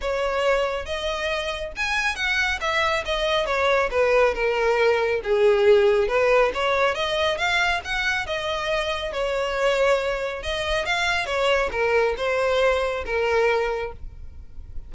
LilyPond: \new Staff \with { instrumentName = "violin" } { \time 4/4 \tempo 4 = 138 cis''2 dis''2 | gis''4 fis''4 e''4 dis''4 | cis''4 b'4 ais'2 | gis'2 b'4 cis''4 |
dis''4 f''4 fis''4 dis''4~ | dis''4 cis''2. | dis''4 f''4 cis''4 ais'4 | c''2 ais'2 | }